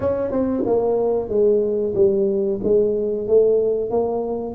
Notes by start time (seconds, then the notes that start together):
0.00 C#4
0.31 C4
0.66 A#3
1.28 G#3
1.94 G3
2.63 G#3
3.27 A3
3.90 A#3